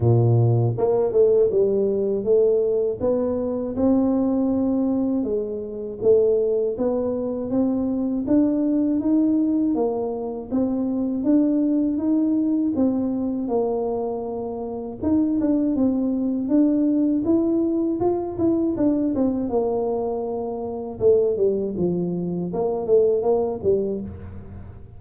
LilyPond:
\new Staff \with { instrumentName = "tuba" } { \time 4/4 \tempo 4 = 80 ais,4 ais8 a8 g4 a4 | b4 c'2 gis4 | a4 b4 c'4 d'4 | dis'4 ais4 c'4 d'4 |
dis'4 c'4 ais2 | dis'8 d'8 c'4 d'4 e'4 | f'8 e'8 d'8 c'8 ais2 | a8 g8 f4 ais8 a8 ais8 g8 | }